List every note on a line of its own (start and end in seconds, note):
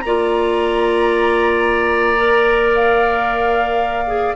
0.00 4.35 A#3
0.00 2.17 F4
0.00 4.35 D5
0.00 2.70 A#5
2.17 4.06 A#4
2.74 4.35 F5
4.07 4.34 G#4